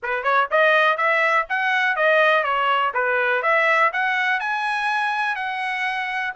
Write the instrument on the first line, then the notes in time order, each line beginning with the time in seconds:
trumpet
0.02 B4
0.23 C#5
0.50 D#5
0.97 E5
1.49 F#5
1.95 D#5
2.43 C#5
2.94 B4
3.42 E5
3.92 F#5
4.40 G#5
5.35 F#5